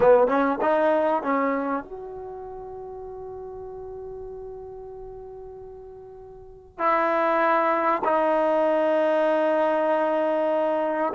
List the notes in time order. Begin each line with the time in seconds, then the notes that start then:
0.00 B3
0.27 C#4
0.61 D#4
1.23 C#4
1.84 F#4
6.78 E4
8.04 D#4